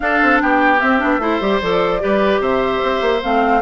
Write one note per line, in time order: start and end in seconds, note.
0.00 0.79 D4
0.00 0.21 D4
0.00 0.42 A4
0.00 0.40 F5
0.21 0.42 C4
0.41 0.82 B3
0.41 1.21 G4
0.41 0.80 G5
0.79 0.99 C4
0.79 1.02 C4
0.79 1.60 E5
0.99 1.18 B3
0.99 1.19 D4
1.18 1.38 A3
1.18 1.40 E4
1.18 2.01 C5
1.40 1.61 G3
1.40 1.60 G4
1.61 2.01 F3
1.61 2.00 A4
1.61 2.41 D5
2.00 2.39 G3
2.00 3.20 G4
2.00 2.41 B4
2.39 2.80 C3
2.39 3.61 C5
2.39 3.22 E5
2.82 3.01 C4
3.01 3.21 A#3
3.21 3.61 A3
3.21 3.61 C4
3.21 3.61 F5